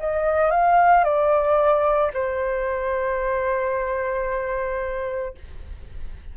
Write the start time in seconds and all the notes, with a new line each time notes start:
0.00 D#5
0.51 F5
1.04 D5
2.14 C5